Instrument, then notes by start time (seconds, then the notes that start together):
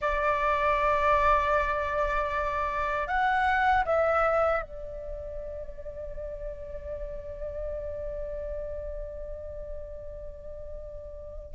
flute
0.01 D5
3.07 F#5
3.85 E5
4.62 D5